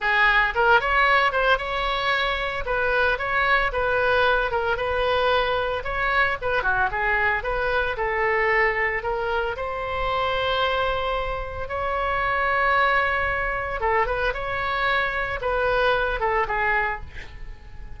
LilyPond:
\new Staff \with { instrumentName = "oboe" } { \time 4/4 \tempo 4 = 113 gis'4 ais'8 cis''4 c''8 cis''4~ | cis''4 b'4 cis''4 b'4~ | b'8 ais'8 b'2 cis''4 | b'8 fis'8 gis'4 b'4 a'4~ |
a'4 ais'4 c''2~ | c''2 cis''2~ | cis''2 a'8 b'8 cis''4~ | cis''4 b'4. a'8 gis'4 | }